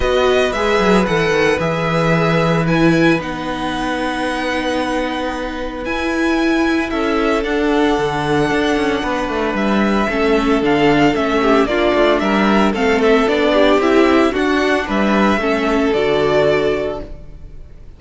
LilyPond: <<
  \new Staff \with { instrumentName = "violin" } { \time 4/4 \tempo 4 = 113 dis''4 e''4 fis''4 e''4~ | e''4 gis''4 fis''2~ | fis''2. gis''4~ | gis''4 e''4 fis''2~ |
fis''2 e''2 | f''4 e''4 d''4 e''4 | f''8 e''8 d''4 e''4 fis''4 | e''2 d''2 | }
  \new Staff \with { instrumentName = "violin" } { \time 4/4 b'1~ | b'1~ | b'1~ | b'4 a'2.~ |
a'4 b'2 a'4~ | a'4. g'8 f'4 ais'4 | a'4. g'4. fis'4 | b'4 a'2. | }
  \new Staff \with { instrumentName = "viola" } { \time 4/4 fis'4 gis'4 a'4 gis'4~ | gis'4 e'4 dis'2~ | dis'2. e'4~ | e'2 d'2~ |
d'2. cis'4 | d'4 cis'4 d'2 | c'4 d'4 e'4 d'4~ | d'4 cis'4 fis'2 | }
  \new Staff \with { instrumentName = "cello" } { \time 4/4 b4 gis8 fis8 e8 dis8 e4~ | e2 b2~ | b2. e'4~ | e'4 cis'4 d'4 d4 |
d'8 cis'8 b8 a8 g4 a4 | d4 a4 ais8 a8 g4 | a4 b4 c'4 d'4 | g4 a4 d2 | }
>>